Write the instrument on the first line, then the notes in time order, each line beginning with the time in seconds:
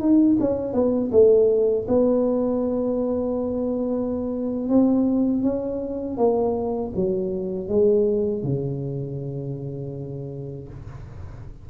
tuba
0.00 D#4
0.41 C#4
0.74 B3
1.12 A3
1.88 B3
4.69 C4
5.43 C#4
6.18 A#3
6.96 F#3
7.69 G#3
8.44 C#3